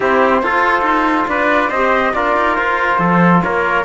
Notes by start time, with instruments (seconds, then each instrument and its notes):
0.00 cello C4, trombone E4, trumpet G4, flute C5
0.42 cello F4, trombone F4, trumpet A4
0.82 cello D#4
1.27 cello D4, trumpet B4, flute D5
1.69 cello C4, trombone G4, trumpet C5, flute D#5
2.13 cello D4, trombone F4, trumpet A#4, flute D5
2.36 cello D#4
2.55 cello F4, flute C5
2.98 cello F3, trumpet A4
3.42 cello A#3, trumpet A#4, flute C#5